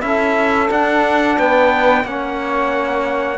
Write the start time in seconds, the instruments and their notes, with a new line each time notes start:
0.00 cello C#4, trombone E4, saxophone A4, trumpet E5
0.70 trombone D4, cello D4, trumpet F#5
1.37 cello B3, saxophone B4, trumpet G5
2.04 cello A#3, trombone C#4, saxophone C#5, trumpet F#5